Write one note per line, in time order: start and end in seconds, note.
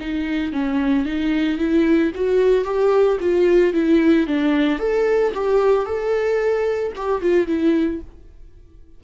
0.00 0.53 D#4
0.53 1.05 C#4
1.05 1.58 D#4
1.58 2.12 E4
2.15 2.64 F#4
2.64 3.18 G4
3.20 3.74 F4
3.74 4.27 E4
4.27 4.79 D4
4.79 5.33 A4
5.34 5.86 G4
5.86 6.93 A4
6.96 7.22 G4
7.22 7.47 F4
7.47 8.00 E4